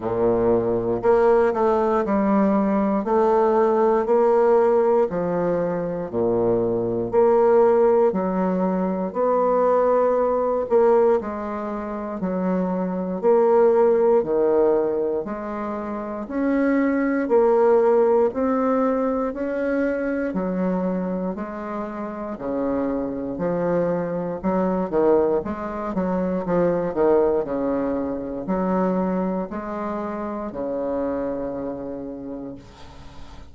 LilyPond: \new Staff \with { instrumentName = "bassoon" } { \time 4/4 \tempo 4 = 59 ais,4 ais8 a8 g4 a4 | ais4 f4 ais,4 ais4 | fis4 b4. ais8 gis4 | fis4 ais4 dis4 gis4 |
cis'4 ais4 c'4 cis'4 | fis4 gis4 cis4 f4 | fis8 dis8 gis8 fis8 f8 dis8 cis4 | fis4 gis4 cis2 | }